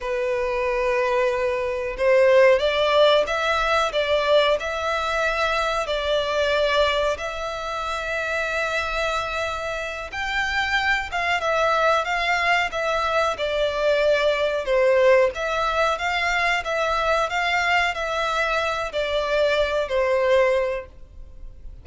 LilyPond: \new Staff \with { instrumentName = "violin" } { \time 4/4 \tempo 4 = 92 b'2. c''4 | d''4 e''4 d''4 e''4~ | e''4 d''2 e''4~ | e''2.~ e''8 g''8~ |
g''4 f''8 e''4 f''4 e''8~ | e''8 d''2 c''4 e''8~ | e''8 f''4 e''4 f''4 e''8~ | e''4 d''4. c''4. | }